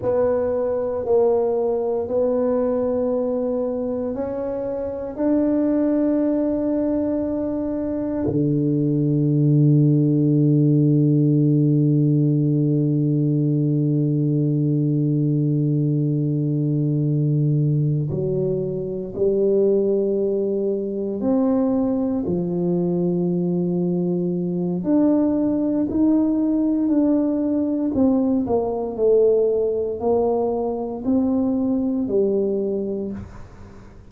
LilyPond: \new Staff \with { instrumentName = "tuba" } { \time 4/4 \tempo 4 = 58 b4 ais4 b2 | cis'4 d'2. | d1~ | d1~ |
d4. fis4 g4.~ | g8 c'4 f2~ f8 | d'4 dis'4 d'4 c'8 ais8 | a4 ais4 c'4 g4 | }